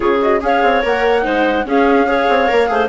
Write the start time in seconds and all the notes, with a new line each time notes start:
0.00 C#3 F4 G#4 C#5
0.21 F#4 D#5
0.40 C#4 G#4 C#5 F5
0.63 C4
0.81 A#3 A#4 F#5
1.21 G#3 D#4 C5
1.64 C#4 G#4 F5
2.06 G#4 C#5
2.29 C4
2.47 A#3 A#4
2.67 A3 G#4 C5